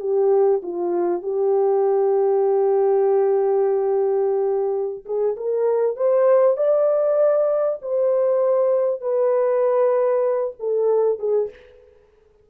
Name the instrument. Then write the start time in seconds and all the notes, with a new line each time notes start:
horn
0.00 G4
0.62 F4
1.22 G4
5.05 G#4
5.37 A#4
5.96 C5
6.57 D5
7.82 C5
9.01 B4
10.59 A4
11.19 G#4